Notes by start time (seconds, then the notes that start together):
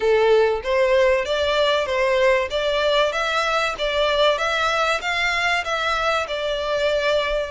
0.00 A4
0.63 C5
1.25 D5
1.86 C5
2.50 D5
3.12 E5
3.78 D5
4.38 E5
5.01 F5
5.64 E5
6.27 D5